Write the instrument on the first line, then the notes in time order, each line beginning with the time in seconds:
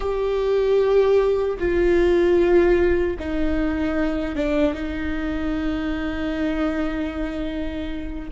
viola
0.00 G4
1.58 F4
3.19 D#4
4.35 D4
4.74 D#4